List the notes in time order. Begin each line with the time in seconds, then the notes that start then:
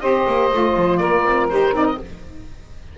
0.00 C4 G4 C5 D#5
0.27 A#3
0.51 A3 F4
0.76 F3
0.97 A#3 A#4 D5
1.24 C4
1.49 D#4 G4 C5
1.73 C4 D#4 D5
1.86 D#5